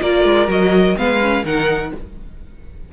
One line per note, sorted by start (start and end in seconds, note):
0.00 0.24 A#3
0.00 0.48 F4
0.00 0.97 A#4
0.00 0.50 D5
0.24 0.48 G#3
0.48 0.95 F#3
0.48 0.96 F#4
0.48 0.98 D#5
0.96 1.44 G#3
0.96 1.20 B3
0.96 1.44 B4
0.96 1.45 F5
1.21 1.45 C#4
1.44 1.91 D#3
1.44 1.93 D#4
1.44 1.92 A#4
1.44 1.93 F#5